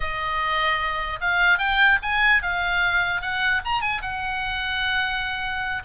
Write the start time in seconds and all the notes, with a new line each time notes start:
0.00 D#5
1.20 F5
1.58 G5
2.02 G#5
2.42 F5
3.21 F#5
3.64 A#5
3.81 G#5
4.01 F#5